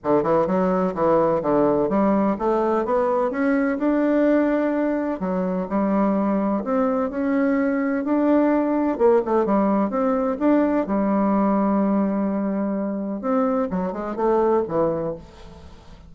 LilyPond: \new Staff \with { instrumentName = "bassoon" } { \time 4/4 \tempo 4 = 127 d8 e8 fis4 e4 d4 | g4 a4 b4 cis'4 | d'2. fis4 | g2 c'4 cis'4~ |
cis'4 d'2 ais8 a8 | g4 c'4 d'4 g4~ | g1 | c'4 fis8 gis8 a4 e4 | }